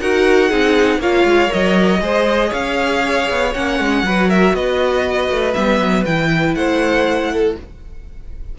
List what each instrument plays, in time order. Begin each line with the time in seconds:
0.00 cello D#4, viola F#4, violin A#4 F#5
0.49 cello C4, viola D#4, violin G#4
0.99 cello A#3, viola F4, violin C#5 F5
1.24 cello G#3
1.48 cello F#3, viola A#4, violin D#5
2.01 cello G#3, viola G#4, violin C5
2.49 cello C#4, violin C#5 F5
3.30 cello B3
3.55 cello A#3, viola C#4, violin F#5
3.79 cello G#3
4.03 cello F#3, viola F#4, violin B4
4.29 violin A#4 E5
4.54 cello B3, violin B4 D#5
5.30 cello A3
5.54 cello G3, viola B3, violin E5
5.80 cello F#3
6.06 cello E3, viola E4, violin G5
6.55 cello A3, violin C5 F#5
7.32 violin A4